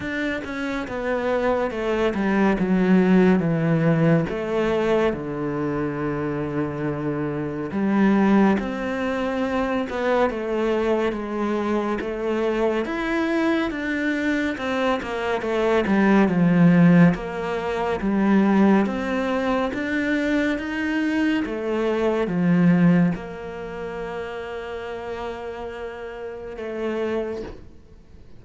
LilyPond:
\new Staff \with { instrumentName = "cello" } { \time 4/4 \tempo 4 = 70 d'8 cis'8 b4 a8 g8 fis4 | e4 a4 d2~ | d4 g4 c'4. b8 | a4 gis4 a4 e'4 |
d'4 c'8 ais8 a8 g8 f4 | ais4 g4 c'4 d'4 | dis'4 a4 f4 ais4~ | ais2. a4 | }